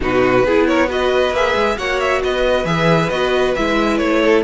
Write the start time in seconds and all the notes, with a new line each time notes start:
0.00 B2 D#4 F#4 B4
0.44 B3 E4 G#4
0.66 A#4 C#5
0.86 F#4 B4 D#5
1.31 A#3 G#4 E5
1.55 G#3
1.77 A#3 F#4 C#5 F#5
1.99 E5
2.23 B3 B4 D#5
2.64 E3 G#4 E5
3.09 B3 F#4 D#5
3.55 G#3 E4 E5
3.97 A3 C#5
4.22 A4